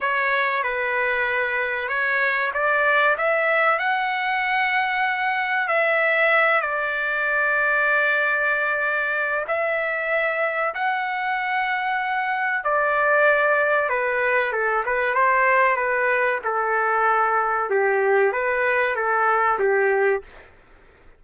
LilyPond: \new Staff \with { instrumentName = "trumpet" } { \time 4/4 \tempo 4 = 95 cis''4 b'2 cis''4 | d''4 e''4 fis''2~ | fis''4 e''4. d''4.~ | d''2. e''4~ |
e''4 fis''2. | d''2 b'4 a'8 b'8 | c''4 b'4 a'2 | g'4 b'4 a'4 g'4 | }